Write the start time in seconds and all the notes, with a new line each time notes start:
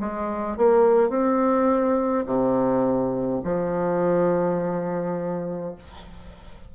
0.00 G#3
0.57 A#3
1.10 C4
2.26 C3
3.44 F3